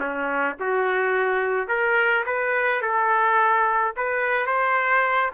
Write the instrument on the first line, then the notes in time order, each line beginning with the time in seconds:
trumpet
0.00 C#4
0.60 F#4
1.69 A#4
2.26 B4
2.82 A4
3.97 B4
4.47 C5